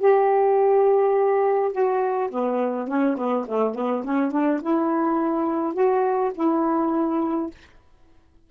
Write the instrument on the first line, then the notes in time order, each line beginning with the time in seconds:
saxophone
0.00 G4
1.72 F#4
2.31 B3
2.88 C#4
3.17 B3
3.48 A3
3.75 B3
4.04 C#4
4.32 D4
4.62 E4
5.74 F#4
6.35 E4